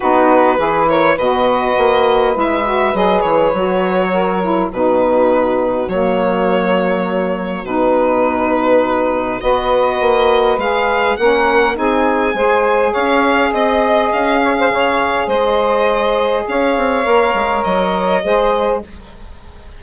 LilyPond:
<<
  \new Staff \with { instrumentName = "violin" } { \time 4/4 \tempo 4 = 102 b'4. cis''8 dis''2 | e''4 dis''8 cis''2~ cis''8 | b'2 cis''2~ | cis''4 b'2. |
dis''2 f''4 fis''4 | gis''2 f''4 dis''4 | f''2 dis''2 | f''2 dis''2 | }
  \new Staff \with { instrumentName = "saxophone" } { \time 4/4 fis'4 gis'8 ais'8 b'2~ | b'2. ais'4 | fis'1~ | fis'1 |
b'2. ais'4 | gis'4 c''4 cis''4 dis''4~ | dis''8 cis''16 c''16 cis''4 c''2 | cis''2. c''4 | }
  \new Staff \with { instrumentName = "saxophone" } { \time 4/4 dis'4 e'4 fis'2 | e'8 fis'8 gis'4 fis'4. e'8 | dis'2 ais2~ | ais4 dis'2. |
fis'2 gis'4 cis'4 | dis'4 gis'2.~ | gis'1~ | gis'4 ais'2 gis'4 | }
  \new Staff \with { instrumentName = "bassoon" } { \time 4/4 b4 e4 b,4 ais4 | gis4 fis8 e8 fis2 | b,2 fis2~ | fis4 b,2. |
b4 ais4 gis4 ais4 | c'4 gis4 cis'4 c'4 | cis'4 cis4 gis2 | cis'8 c'8 ais8 gis8 fis4 gis4 | }
>>